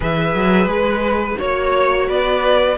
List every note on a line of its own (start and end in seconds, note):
0.00 0.34 E3
0.00 1.37 G#4
0.00 1.38 B4
0.00 0.69 E5
0.34 0.66 F#3
0.66 1.34 G#3
0.66 1.38 B4
1.37 2.09 A#3
1.37 2.75 F#4
1.37 2.07 C#5
1.37 2.09 C#5
2.08 2.77 B3
2.08 2.77 B4
2.08 2.77 D5